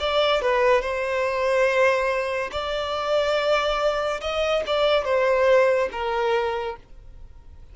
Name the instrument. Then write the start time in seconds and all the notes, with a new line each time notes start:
violin
0.00 D5
0.41 B4
0.81 C5
2.52 D5
4.21 D#5
4.67 D5
5.05 C5
5.92 A#4